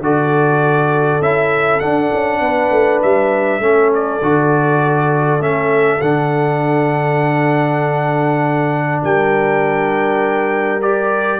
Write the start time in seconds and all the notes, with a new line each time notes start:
0.00 D3 F#4 A4 D5
1.20 C#4 E4 E5
1.80 D4 F#5
2.13 C#4
2.40 B3 B4
2.71 A3
3.02 G3 E5
3.59 A3 C#4 A4
3.94 D5
4.22 D3 F#4
5.39 A3 C#4 E5
6.01 D3 D4 F#5
9.01 G3 A#4 G5
10.81 G4 D5